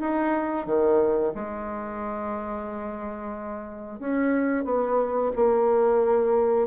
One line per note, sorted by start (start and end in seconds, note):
0.00 0.66 D#4
0.66 1.33 D#3
1.35 3.99 G#3
3.99 4.65 C#4
4.65 5.32 B3
5.36 6.67 A#3